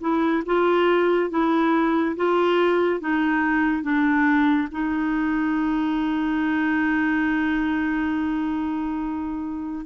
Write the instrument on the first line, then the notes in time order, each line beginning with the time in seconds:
clarinet
0.00 E4
0.46 F4
1.30 E4
2.16 F4
3.00 D#4
3.82 D4
4.71 D#4